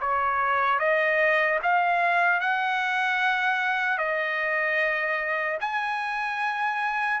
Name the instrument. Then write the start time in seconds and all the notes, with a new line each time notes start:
trumpet
0.00 C#5
0.79 D#5
1.62 F5
2.40 F#5
3.97 D#5
5.60 G#5